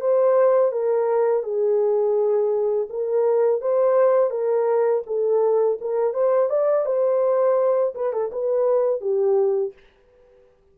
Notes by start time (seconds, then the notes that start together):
0.00 C5
0.72 A#4
1.43 G#4
2.89 A#4
3.61 C5
4.30 A#4
5.06 A4
5.81 A#4
6.13 C5
6.49 D5
6.85 C5
7.95 B4
8.13 A4
8.31 B4
9.01 G4